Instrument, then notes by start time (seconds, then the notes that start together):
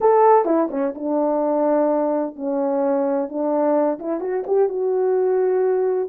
horn
0.00 A4
0.45 E4
0.70 C#4
0.95 D4
2.35 C#4
3.28 D4
3.99 E4
4.20 F#4
4.47 G4
4.69 F#4